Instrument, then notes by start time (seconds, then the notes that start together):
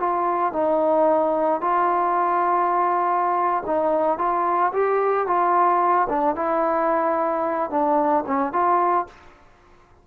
trombone
0.00 F4
0.53 D#4
1.61 F4
3.67 D#4
4.19 F4
4.74 G4
5.27 F4
6.10 D4
6.36 E4
7.71 D4
8.27 C#4
8.53 F4